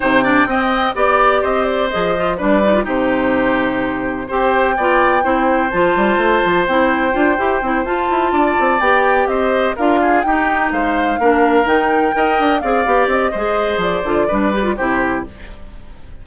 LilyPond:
<<
  \new Staff \with { instrumentName = "flute" } { \time 4/4 \tempo 4 = 126 g''2 d''4 dis''8 d''8 | dis''4 d''4 c''2~ | c''4 g''2. | a''2 g''2~ |
g''8 a''2 g''4 dis''8~ | dis''8 f''4 g''4 f''4.~ | f''8 g''2 f''4 dis''8~ | dis''4 d''2 c''4 | }
  \new Staff \with { instrumentName = "oboe" } { \time 4/4 c''8 d''8 dis''4 d''4 c''4~ | c''4 b'4 g'2~ | g'4 c''4 d''4 c''4~ | c''1~ |
c''4. d''2 c''8~ | c''8 ais'8 gis'8 g'4 c''4 ais'8~ | ais'4. dis''4 d''4. | c''2 b'4 g'4 | }
  \new Staff \with { instrumentName = "clarinet" } { \time 4/4 dis'8 d'8 c'4 g'2 | gis'8 f'8 d'8 dis'16 f'16 dis'2~ | dis'4 g'4 f'4 e'4 | f'2 e'4 f'8 g'8 |
e'8 f'2 g'4.~ | g'8 f'4 dis'2 d'8~ | d'8 dis'4 ais'4 gis'8 g'4 | gis'4. f'8 d'8 g'16 f'16 e'4 | }
  \new Staff \with { instrumentName = "bassoon" } { \time 4/4 c4 c'4 b4 c'4 | f4 g4 c2~ | c4 c'4 b4 c'4 | f8 g8 a8 f8 c'4 d'8 e'8 |
c'8 f'8 e'8 d'8 c'8 b4 c'8~ | c'8 d'4 dis'4 gis4 ais8~ | ais8 dis4 dis'8 d'8 c'8 b8 c'8 | gis4 f8 d8 g4 c4 | }
>>